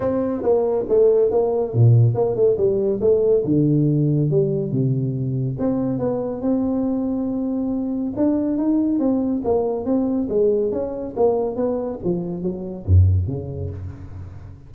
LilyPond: \new Staff \with { instrumentName = "tuba" } { \time 4/4 \tempo 4 = 140 c'4 ais4 a4 ais4 | ais,4 ais8 a8 g4 a4 | d2 g4 c4~ | c4 c'4 b4 c'4~ |
c'2. d'4 | dis'4 c'4 ais4 c'4 | gis4 cis'4 ais4 b4 | f4 fis4 fis,4 cis4 | }